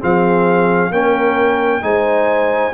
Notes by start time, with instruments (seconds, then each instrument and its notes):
0.00 tuba F3, trombone C4, horn G#4, trumpet F5
0.91 tuba A#3, trombone C#4, horn A#4, trumpet G5
1.82 tuba G#3, trombone D#4, horn C5, trumpet G#5